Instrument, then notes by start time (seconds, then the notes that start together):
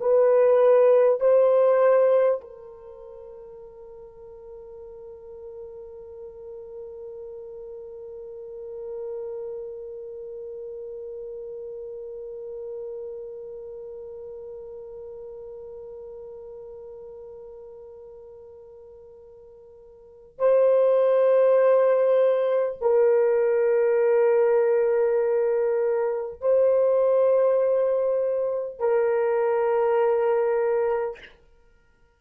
horn
0.00 B4
1.21 C5
2.41 A#4
20.38 C5
22.81 A#4
26.41 C5
28.79 A#4